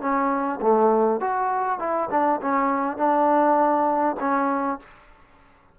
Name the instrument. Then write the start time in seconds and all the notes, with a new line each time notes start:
trombone
0.00 C#4
0.61 A3
1.20 F#4
1.79 E4
2.10 D4
2.41 C#4
2.97 D4
4.20 C#4